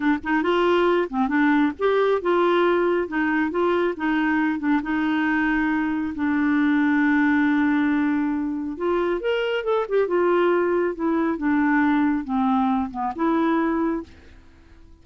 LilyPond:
\new Staff \with { instrumentName = "clarinet" } { \time 4/4 \tempo 4 = 137 d'8 dis'8 f'4. c'8 d'4 | g'4 f'2 dis'4 | f'4 dis'4. d'8 dis'4~ | dis'2 d'2~ |
d'1 | f'4 ais'4 a'8 g'8 f'4~ | f'4 e'4 d'2 | c'4. b8 e'2 | }